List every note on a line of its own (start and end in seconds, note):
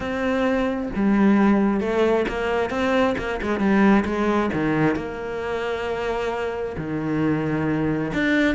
0.00 0.89 C4
0.95 1.80 G3
1.80 2.25 A3
2.28 2.70 A#3
2.70 3.15 C4
3.18 3.40 A#3
3.42 3.59 G#3
3.59 4.04 G3
4.05 4.50 G#3
4.53 4.95 D#3
4.95 6.76 A#3
6.77 8.12 D#3
8.13 8.55 D4